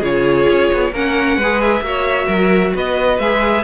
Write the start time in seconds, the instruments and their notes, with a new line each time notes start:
0.00 cello C#3, viola F4, violin G#4 C#5
0.49 cello C#4
0.73 cello B3
0.91 cello A#3, viola C#4, violin A#4 F#5
1.37 cello G#3, violin B4
1.43 viola G#4
1.61 violin E5
1.81 cello A#3, viola F#4
1.87 violin C#5
2.26 cello F#3, violin A#4
2.75 cello B3, violin B4 D#5
3.19 cello G#3, viola G#4, violin E5